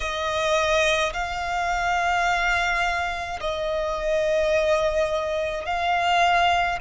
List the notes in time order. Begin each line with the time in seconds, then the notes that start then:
0.00 D#5
1.13 F5
3.40 D#5
5.64 F5